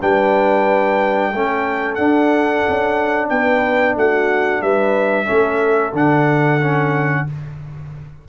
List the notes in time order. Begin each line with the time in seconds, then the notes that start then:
0.00 G3 D4 B4 G5
1.31 A3 C#4 A4
1.95 D4 F#5
2.69 C#4
3.29 B3 B4 G5
3.96 A3 F#4 F#5
4.62 G3 B4 E5
5.26 A3 C#4 A4
5.93 D3 D4 F#5
6.61 C#4